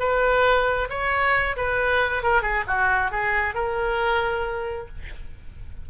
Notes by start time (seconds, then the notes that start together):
0.00 B4
0.90 C#5
1.57 B4
2.23 A#4
2.42 G#4
2.68 F#4
3.12 G#4
3.55 A#4